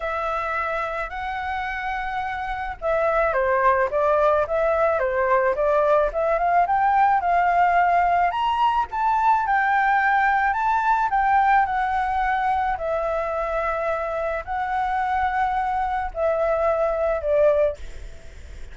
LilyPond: \new Staff \with { instrumentName = "flute" } { \time 4/4 \tempo 4 = 108 e''2 fis''2~ | fis''4 e''4 c''4 d''4 | e''4 c''4 d''4 e''8 f''8 | g''4 f''2 ais''4 |
a''4 g''2 a''4 | g''4 fis''2 e''4~ | e''2 fis''2~ | fis''4 e''2 d''4 | }